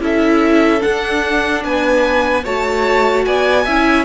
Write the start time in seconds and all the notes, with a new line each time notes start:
0.00 C#4 E4 A4 E5
0.80 D4 F#5
1.63 B3 B4 G#5
2.44 A3 F#4 C#5 A5
3.25 B3 D5 G#5
3.65 C#4 E4 E5